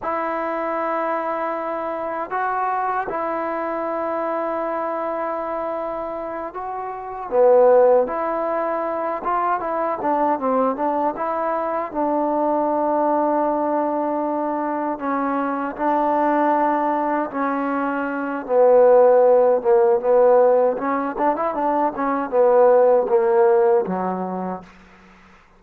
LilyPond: \new Staff \with { instrumentName = "trombone" } { \time 4/4 \tempo 4 = 78 e'2. fis'4 | e'1~ | e'8 fis'4 b4 e'4. | f'8 e'8 d'8 c'8 d'8 e'4 d'8~ |
d'2.~ d'8 cis'8~ | cis'8 d'2 cis'4. | b4. ais8 b4 cis'8 d'16 e'16 | d'8 cis'8 b4 ais4 fis4 | }